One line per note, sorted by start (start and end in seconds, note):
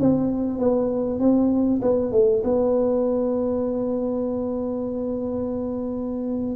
0.00 0.59 C4
0.59 1.20 B3
1.20 1.81 C4
1.82 2.12 B3
2.12 2.43 A3
2.44 6.56 B3